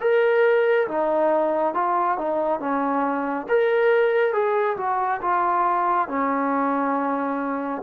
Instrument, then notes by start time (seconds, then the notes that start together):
trombone
0.00 A#4
0.87 D#4
1.74 F4
2.17 D#4
2.59 C#4
3.48 A#4
4.33 G#4
4.77 F#4
5.21 F4
6.08 C#4